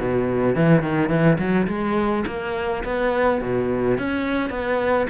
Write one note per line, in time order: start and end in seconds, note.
0.00 0.56 B2
0.56 0.83 E3
0.83 1.09 D#3
1.09 1.38 E3
1.39 1.68 F#3
1.68 2.25 G#3
2.27 2.84 A#3
2.84 3.42 B3
3.42 3.98 B2
3.98 4.50 C#4
4.50 5.07 B3